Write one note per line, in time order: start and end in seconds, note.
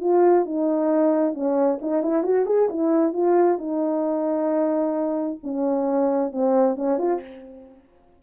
0.00 0.45 F4
0.45 1.34 D#4
1.34 1.79 C#4
1.81 2.02 D#4
2.02 2.23 E4
2.23 2.45 F#4
2.45 2.68 G#4
2.69 3.13 E4
3.13 3.58 F4
3.58 5.38 D#4
5.43 6.31 C#4
6.31 6.75 C4
6.75 6.98 C#4
6.98 7.20 F4